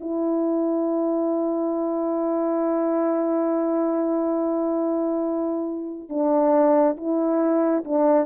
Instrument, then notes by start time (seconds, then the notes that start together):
horn
0.00 E4
6.09 D4
6.96 E4
7.84 D4